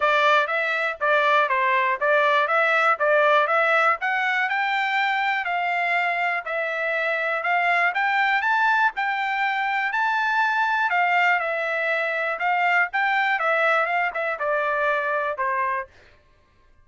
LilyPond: \new Staff \with { instrumentName = "trumpet" } { \time 4/4 \tempo 4 = 121 d''4 e''4 d''4 c''4 | d''4 e''4 d''4 e''4 | fis''4 g''2 f''4~ | f''4 e''2 f''4 |
g''4 a''4 g''2 | a''2 f''4 e''4~ | e''4 f''4 g''4 e''4 | f''8 e''8 d''2 c''4 | }